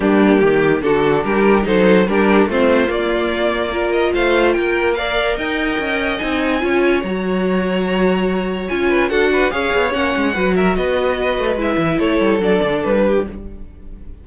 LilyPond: <<
  \new Staff \with { instrumentName = "violin" } { \time 4/4 \tempo 4 = 145 g'2 a'4 ais'4 | c''4 ais'4 c''4 d''4~ | d''4. dis''8 f''4 g''4 | f''4 g''2 gis''4~ |
gis''4 ais''2.~ | ais''4 gis''4 fis''4 f''4 | fis''4. e''8 dis''2 | e''4 cis''4 d''4 b'4 | }
  \new Staff \with { instrumentName = "violin" } { \time 4/4 d'4 g'4 fis'4 g'4 | a'4 g'4 f'2~ | f'4 ais'4 c''4 ais'4 | d''4 dis''2. |
cis''1~ | cis''4. b'8 a'8 b'8 cis''4~ | cis''4 b'8 ais'8 b'2~ | b'4 a'2~ a'8 g'8 | }
  \new Staff \with { instrumentName = "viola" } { \time 4/4 ais2 d'2 | dis'4 d'4 c'4 ais4~ | ais4 f'2. | ais'2. dis'4 |
f'4 fis'2.~ | fis'4 f'4 fis'4 gis'4 | cis'4 fis'2. | e'2 d'2 | }
  \new Staff \with { instrumentName = "cello" } { \time 4/4 g4 dis4 d4 g4 | fis4 g4 a4 ais4~ | ais2 a4 ais4~ | ais4 dis'4 cis'4 c'4 |
cis'4 fis2.~ | fis4 cis'4 d'4 cis'8 b8 | ais8 gis8 fis4 b4. a8 | gis8 e8 a8 g8 fis8 d8 g4 | }
>>